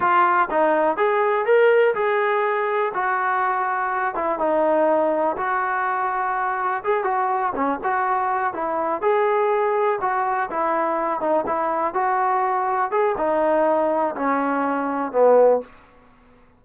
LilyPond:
\new Staff \with { instrumentName = "trombone" } { \time 4/4 \tempo 4 = 123 f'4 dis'4 gis'4 ais'4 | gis'2 fis'2~ | fis'8 e'8 dis'2 fis'4~ | fis'2 gis'8 fis'4 cis'8 |
fis'4. e'4 gis'4.~ | gis'8 fis'4 e'4. dis'8 e'8~ | e'8 fis'2 gis'8 dis'4~ | dis'4 cis'2 b4 | }